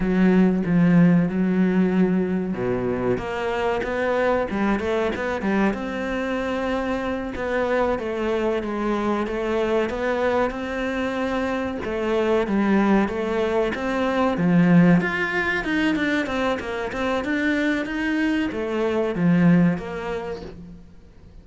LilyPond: \new Staff \with { instrumentName = "cello" } { \time 4/4 \tempo 4 = 94 fis4 f4 fis2 | b,4 ais4 b4 g8 a8 | b8 g8 c'2~ c'8 b8~ | b8 a4 gis4 a4 b8~ |
b8 c'2 a4 g8~ | g8 a4 c'4 f4 f'8~ | f'8 dis'8 d'8 c'8 ais8 c'8 d'4 | dis'4 a4 f4 ais4 | }